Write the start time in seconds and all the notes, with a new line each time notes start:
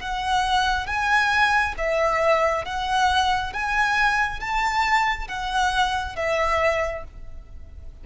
0.00 F#5
0.87 G#5
1.78 E5
2.65 F#5
3.53 G#5
4.40 A5
5.28 F#5
6.16 E5